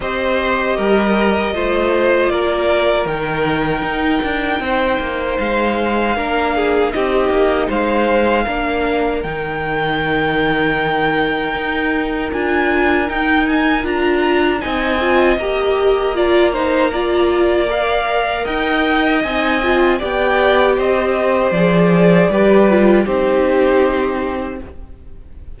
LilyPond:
<<
  \new Staff \with { instrumentName = "violin" } { \time 4/4 \tempo 4 = 78 dis''2. d''4 | g''2. f''4~ | f''4 dis''4 f''2 | g''1 |
gis''4 g''8 gis''8 ais''4 gis''4 | ais''2. f''4 | g''4 gis''4 g''4 dis''4 | d''2 c''2 | }
  \new Staff \with { instrumentName = "violin" } { \time 4/4 c''4 ais'4 c''4 ais'4~ | ais'2 c''2 | ais'8 gis'8 g'4 c''4 ais'4~ | ais'1~ |
ais'2. dis''4~ | dis''4 d''8 c''8 d''2 | dis''2 d''4 c''4~ | c''4 b'4 g'2 | }
  \new Staff \with { instrumentName = "viola" } { \time 4/4 g'2 f'2 | dis'1 | d'4 dis'2 d'4 | dis'1 |
f'4 dis'4 f'4 dis'8 f'8 | g'4 f'8 dis'8 f'4 ais'4~ | ais'4 dis'8 f'8 g'2 | gis'4 g'8 f'8 dis'2 | }
  \new Staff \with { instrumentName = "cello" } { \time 4/4 c'4 g4 a4 ais4 | dis4 dis'8 d'8 c'8 ais8 gis4 | ais4 c'8 ais8 gis4 ais4 | dis2. dis'4 |
d'4 dis'4 d'4 c'4 | ais1 | dis'4 c'4 b4 c'4 | f4 g4 c'2 | }
>>